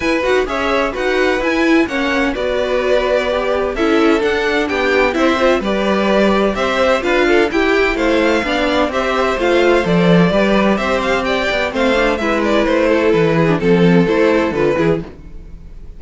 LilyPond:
<<
  \new Staff \with { instrumentName = "violin" } { \time 4/4 \tempo 4 = 128 gis''8 fis''8 e''4 fis''4 gis''4 | fis''4 d''2. | e''4 fis''4 g''4 e''4 | d''2 e''4 f''4 |
g''4 f''2 e''4 | f''4 d''2 e''8 f''8 | g''4 f''4 e''8 d''8 c''4 | b'4 a'4 c''4 b'4 | }
  \new Staff \with { instrumentName = "violin" } { \time 4/4 b'4 cis''4 b'2 | cis''4 b'2. | a'2 g'4 c''4 | b'2 c''4 b'8 a'8 |
g'4 c''4 d''4 c''4~ | c''2 b'4 c''4 | d''4 c''4 b'4. a'8~ | a'8 gis'8 a'2~ a'8 gis'8 | }
  \new Staff \with { instrumentName = "viola" } { \time 4/4 e'8 fis'8 gis'4 fis'4 e'4 | cis'4 fis'2 g'4 | e'4 d'2 e'8 f'8 | g'2. f'4 |
e'2 d'4 g'4 | f'4 a'4 g'2~ | g'4 c'8 d'8 e'2~ | e'8. d'16 c'4 e'4 f'8 e'8 | }
  \new Staff \with { instrumentName = "cello" } { \time 4/4 e'8 dis'8 cis'4 dis'4 e'4 | ais4 b2. | cis'4 d'4 b4 c'4 | g2 c'4 d'4 |
e'4 a4 b4 c'4 | a4 f4 g4 c'4~ | c'8 b8 a4 gis4 a4 | e4 f4 a4 d8 e8 | }
>>